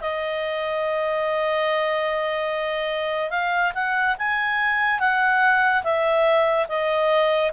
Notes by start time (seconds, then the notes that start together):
0.00 D#5
3.30 F5
3.74 F#5
4.18 G#5
4.99 F#5
5.83 E5
6.68 D#5